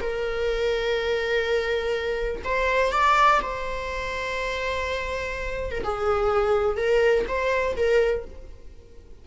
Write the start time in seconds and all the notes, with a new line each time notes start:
0.00 A#4
2.44 C5
2.92 D5
3.42 C5
5.71 A#4
5.84 G#4
6.77 A#4
7.28 C5
7.76 A#4